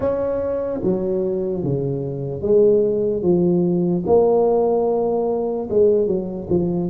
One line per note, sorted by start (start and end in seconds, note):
0.00 0.80 C#4
0.83 1.63 F#3
1.63 2.41 C#3
2.41 3.22 G#3
3.22 4.03 F3
4.06 5.68 A#3
5.70 6.07 G#3
6.07 6.47 F#3
6.49 6.90 F3